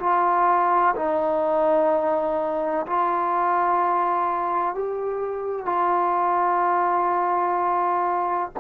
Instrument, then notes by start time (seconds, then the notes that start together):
trombone
0.00 F4
0.96 D#4
2.87 F4
4.75 G4
5.66 F4